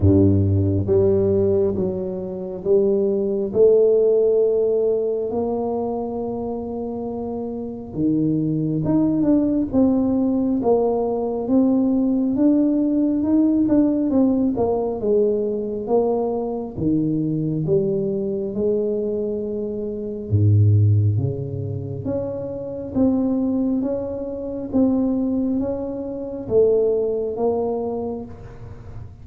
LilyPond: \new Staff \with { instrumentName = "tuba" } { \time 4/4 \tempo 4 = 68 g,4 g4 fis4 g4 | a2 ais2~ | ais4 dis4 dis'8 d'8 c'4 | ais4 c'4 d'4 dis'8 d'8 |
c'8 ais8 gis4 ais4 dis4 | g4 gis2 gis,4 | cis4 cis'4 c'4 cis'4 | c'4 cis'4 a4 ais4 | }